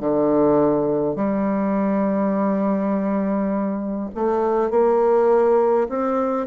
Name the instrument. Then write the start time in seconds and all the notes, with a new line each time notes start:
bassoon
0.00 D3
1.16 G3
4.14 A3
4.70 A#3
5.89 C4